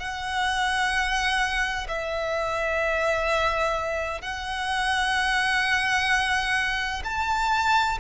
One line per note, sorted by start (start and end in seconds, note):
0.00 1.87 F#5
1.88 4.22 E5
4.22 7.03 F#5
7.05 7.99 A5